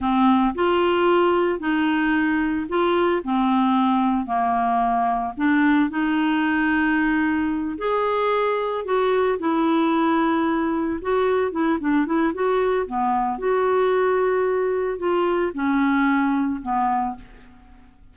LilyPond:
\new Staff \with { instrumentName = "clarinet" } { \time 4/4 \tempo 4 = 112 c'4 f'2 dis'4~ | dis'4 f'4 c'2 | ais2 d'4 dis'4~ | dis'2~ dis'8 gis'4.~ |
gis'8 fis'4 e'2~ e'8~ | e'8 fis'4 e'8 d'8 e'8 fis'4 | b4 fis'2. | f'4 cis'2 b4 | }